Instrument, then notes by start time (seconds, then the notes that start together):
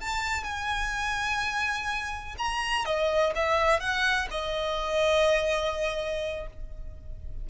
violin
0.00 A5
0.43 G#5
2.38 A#5
2.85 D#5
3.35 E5
3.80 F#5
4.30 D#5